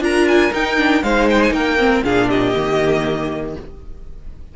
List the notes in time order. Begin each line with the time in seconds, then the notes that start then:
0.00 D4 F4 A#4 A#5
0.28 G#5
0.52 D#4 G5
0.77 D4
1.03 G#3 D#4 C5 F5
1.29 G5
1.42 G#5
1.50 A#3 A#4 G5
1.78 C4
2.03 A#2 D4 G#4 F5
2.28 G4 D#5
2.55 D#3 A#3